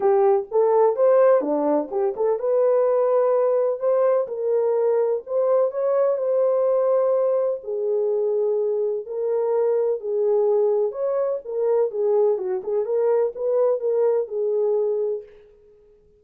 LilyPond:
\new Staff \with { instrumentName = "horn" } { \time 4/4 \tempo 4 = 126 g'4 a'4 c''4 d'4 | g'8 a'8 b'2. | c''4 ais'2 c''4 | cis''4 c''2. |
gis'2. ais'4~ | ais'4 gis'2 cis''4 | ais'4 gis'4 fis'8 gis'8 ais'4 | b'4 ais'4 gis'2 | }